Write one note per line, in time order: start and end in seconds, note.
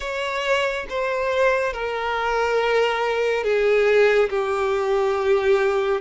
0.00 0.86 C#5
0.89 1.73 C5
1.73 3.43 A#4
3.43 4.29 G#4
4.29 6.00 G4